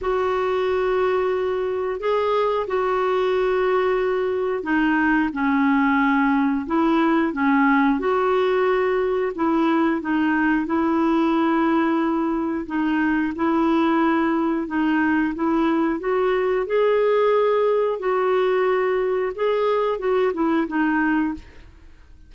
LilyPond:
\new Staff \with { instrumentName = "clarinet" } { \time 4/4 \tempo 4 = 90 fis'2. gis'4 | fis'2. dis'4 | cis'2 e'4 cis'4 | fis'2 e'4 dis'4 |
e'2. dis'4 | e'2 dis'4 e'4 | fis'4 gis'2 fis'4~ | fis'4 gis'4 fis'8 e'8 dis'4 | }